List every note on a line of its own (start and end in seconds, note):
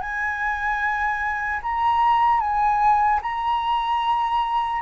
0.00 1.60 G#5
1.63 2.40 A#5
2.40 3.20 G#5
3.22 4.81 A#5